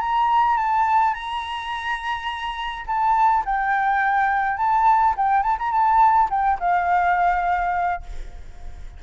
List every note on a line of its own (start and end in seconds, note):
0.00 0.57 A#5
0.57 1.14 A5
1.14 2.85 A#5
2.86 3.44 A5
3.45 4.57 G5
4.57 5.14 A5
5.17 5.43 G5
5.43 5.57 A5
5.58 5.71 A#5
5.71 6.29 A5
6.30 6.58 G5
6.59 8.02 F5